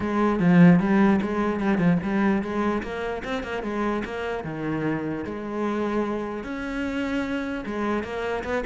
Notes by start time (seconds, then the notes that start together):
0.00 G#3
0.39 F3
0.79 G3
1.21 G#3
1.60 G3
1.77 F3
2.02 G3
2.42 G#3
2.82 A#3
3.24 C4
3.43 A#3
3.63 G#3
4.05 A#3
4.44 D#3
5.25 G#3
6.43 C#4
7.65 G#3
8.03 A#3
8.44 B3